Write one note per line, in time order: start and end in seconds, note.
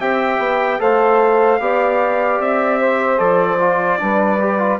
0.00 0.39 C4
0.00 0.80 G4
0.00 0.80 E5
0.00 0.81 G5
0.39 0.79 B3
0.80 1.60 A3
0.80 1.60 A4
0.80 1.61 C5
0.80 2.41 F5
1.60 2.39 B3
1.60 3.18 G4
1.60 2.80 D5
2.39 3.19 C4
2.39 3.19 E5
2.80 4.00 C5
3.18 4.00 F3
3.18 3.58 A4
3.18 4.79 D5
3.60 3.99 F4
3.99 4.80 G3
3.99 4.39 D4
3.99 4.80 B4
4.41 4.59 G4
4.59 4.79 F4